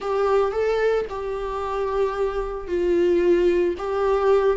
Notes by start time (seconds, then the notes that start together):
0.00 G4
0.52 A4
1.09 G4
2.67 F4
3.77 G4